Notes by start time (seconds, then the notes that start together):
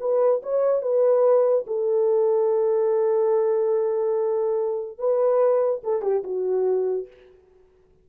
0.00 B4
0.43 C#5
0.82 B4
1.67 A4
4.98 B4
5.84 A4
6.02 G4
6.24 F#4